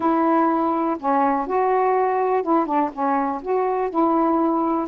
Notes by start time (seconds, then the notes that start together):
0.00 E4
0.99 C#4
1.46 F#4
2.43 E4
2.65 D4
2.92 C#4
3.42 F#4
3.90 E4